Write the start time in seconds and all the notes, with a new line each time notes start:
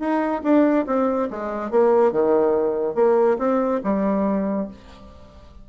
0.00 D#4
0.44 D4
0.87 C4
1.31 G#3
1.71 A#3
2.12 D#3
2.95 A#3
3.39 C4
3.84 G3